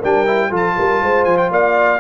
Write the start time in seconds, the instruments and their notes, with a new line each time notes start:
0.00 tuba G3, trombone D4, horn A#4, trumpet G5
0.27 trombone E4
0.50 tuba F3, trombone F4, horn A4
0.56 trumpet A5
0.78 tuba G3, horn A#4
1.03 tuba G#3, horn C5
1.25 tuba F3, trumpet G#5
1.38 trumpet G5
1.51 tuba A#3, horn D5, trumpet F5